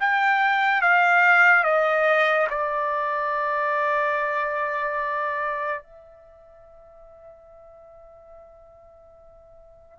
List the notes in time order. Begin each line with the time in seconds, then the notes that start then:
0.00 G5
0.81 F5
1.63 D#5
2.50 D5
5.83 E5